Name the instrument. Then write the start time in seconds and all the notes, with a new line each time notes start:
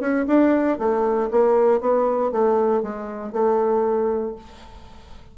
bassoon
0.00 C#4
0.27 D4
0.78 A3
1.31 A#3
1.80 B3
2.31 A3
2.83 G#3
3.32 A3